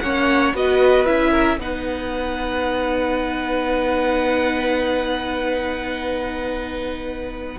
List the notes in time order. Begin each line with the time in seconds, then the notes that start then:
0.00 A#3 C#4 C#5 F#5
0.54 B3 F#4 B4 D#5
1.06 C#4 E4 E5
1.31 A#4
1.59 B3 D#4 B4 F#5